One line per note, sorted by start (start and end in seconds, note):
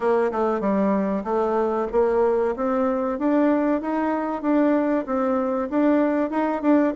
0.00 0.31 A#3
0.31 0.60 A3
0.60 1.23 G3
1.24 1.87 A3
1.92 2.55 A#3
2.56 3.18 C4
3.18 3.81 D4
3.81 4.42 D#4
4.42 5.05 D4
5.06 5.69 C4
5.70 6.30 D4
6.30 6.61 D#4
6.61 6.93 D4